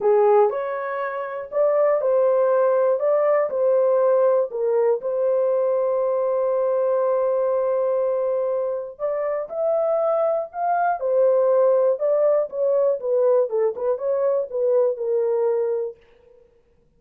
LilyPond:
\new Staff \with { instrumentName = "horn" } { \time 4/4 \tempo 4 = 120 gis'4 cis''2 d''4 | c''2 d''4 c''4~ | c''4 ais'4 c''2~ | c''1~ |
c''2 d''4 e''4~ | e''4 f''4 c''2 | d''4 cis''4 b'4 a'8 b'8 | cis''4 b'4 ais'2 | }